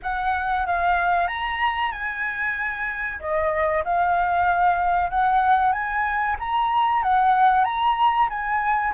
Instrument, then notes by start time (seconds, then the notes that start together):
flute
0.02 F#5
0.66 F5
1.27 A#5
1.91 G#5
3.19 D#5
3.84 F5
5.09 F#5
5.72 G#5
6.39 A#5
7.02 F#5
7.64 A#5
8.29 G#5